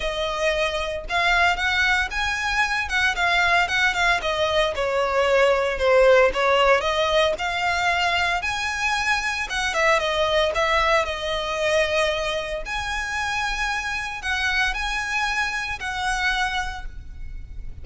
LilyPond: \new Staff \with { instrumentName = "violin" } { \time 4/4 \tempo 4 = 114 dis''2 f''4 fis''4 | gis''4. fis''8 f''4 fis''8 f''8 | dis''4 cis''2 c''4 | cis''4 dis''4 f''2 |
gis''2 fis''8 e''8 dis''4 | e''4 dis''2. | gis''2. fis''4 | gis''2 fis''2 | }